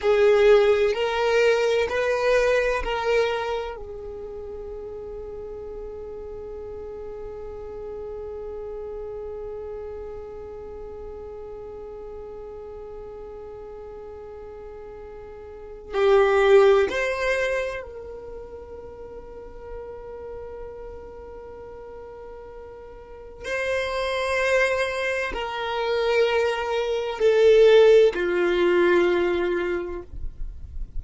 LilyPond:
\new Staff \with { instrumentName = "violin" } { \time 4/4 \tempo 4 = 64 gis'4 ais'4 b'4 ais'4 | gis'1~ | gis'1~ | gis'1~ |
gis'4 g'4 c''4 ais'4~ | ais'1~ | ais'4 c''2 ais'4~ | ais'4 a'4 f'2 | }